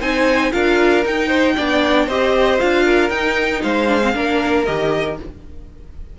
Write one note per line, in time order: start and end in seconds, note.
0.00 0.52 C4
0.00 0.52 D#4
0.00 0.52 C5
0.00 0.52 G#5
0.52 1.05 D4
0.52 1.03 F4
0.52 1.28 A#4
0.52 1.04 F5
1.05 1.57 D#4
1.05 2.09 G5
1.28 1.54 C5
1.56 2.08 B3
1.56 2.10 D4
1.56 2.06 D5
2.06 2.60 C4
2.06 2.59 G4
2.06 2.84 C5
2.06 2.60 D#5
2.59 3.10 D4
2.59 3.10 F4
2.59 3.10 F5
2.84 3.62 A#4
3.10 3.62 D#4
3.10 3.88 D#4
3.10 3.61 G5
3.62 4.15 G#3
3.62 4.15 C5
3.62 4.65 F5
3.88 4.01 D4
4.02 4.14 C4
4.14 4.67 A#3
4.14 4.66 D4
4.14 5.19 A#4
4.65 5.19 D#3
4.65 5.18 G4
4.65 5.17 D#5